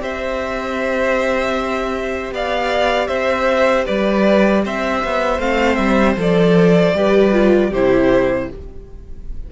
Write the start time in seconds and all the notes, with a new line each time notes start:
0.00 C4 G4 C5 E5
2.31 B3 D5 F5
3.08 C4 C5 E5
3.85 G3 B4 D5
4.65 C4 C5 E5
5.04 B3
5.39 A3 C4 F5
5.75 G3 E5
6.16 F3 A4 D5
6.94 G3 G4 B4
7.33 F4
7.70 C3 E4 G4 C5